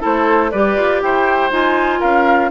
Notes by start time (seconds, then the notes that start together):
0.00 A3 E4 A4 C5
0.51 G3 G4 B4 D5
0.76 F4
1.01 E4 C5 G5
1.50 D#4 F4 G#5
1.99 C#4 A#4 F5